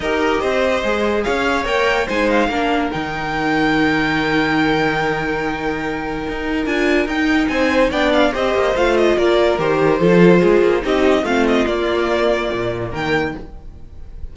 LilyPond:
<<
  \new Staff \with { instrumentName = "violin" } { \time 4/4 \tempo 4 = 144 dis''2. f''4 | g''4 gis''8 f''4. g''4~ | g''1~ | g''1 |
gis''4 g''4 gis''4 g''8 f''8 | dis''4 f''8 dis''8 d''4 c''4~ | c''2 dis''4 f''8 dis''8 | d''2. g''4 | }
  \new Staff \with { instrumentName = "violin" } { \time 4/4 ais'4 c''2 cis''4~ | cis''4 c''4 ais'2~ | ais'1~ | ais'1~ |
ais'2 c''4 d''4 | c''2 ais'2 | a'4 gis'4 g'4 f'4~ | f'2. ais'4 | }
  \new Staff \with { instrumentName = "viola" } { \time 4/4 g'2 gis'2 | ais'4 dis'4 d'4 dis'4~ | dis'1~ | dis'1 |
f'4 dis'2 d'4 | g'4 f'2 g'4 | f'2 dis'4 c'4 | ais1 | }
  \new Staff \with { instrumentName = "cello" } { \time 4/4 dis'4 c'4 gis4 cis'4 | ais4 gis4 ais4 dis4~ | dis1~ | dis2. dis'4 |
d'4 dis'4 c'4 b4 | c'8 ais8 a4 ais4 dis4 | f4 gis8 ais8 c'4 a4 | ais2 ais,4 dis4 | }
>>